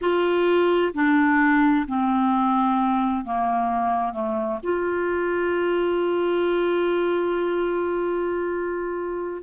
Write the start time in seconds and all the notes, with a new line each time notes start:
0.01 F4
0.94 D4
1.87 C4
3.24 A#3
4.12 A3
4.63 F4